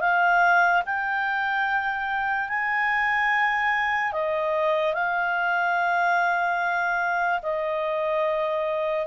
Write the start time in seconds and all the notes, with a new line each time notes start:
0.00 F5
0.86 G5
2.49 G#5
4.12 D#5
4.94 F5
7.42 D#5